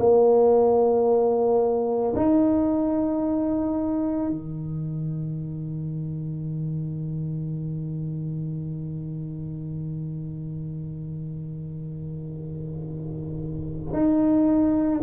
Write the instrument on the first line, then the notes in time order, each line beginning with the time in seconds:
tuba
0.00 A#3
2.16 D#4
4.30 D#3
13.93 D#4